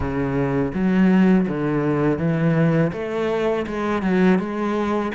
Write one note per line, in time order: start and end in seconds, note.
0.00 0.72 C#3
0.74 1.47 F#3
1.48 2.18 D3
2.18 2.91 E3
2.93 3.66 A3
3.66 4.02 G#3
4.02 4.39 F#3
4.39 5.12 G#3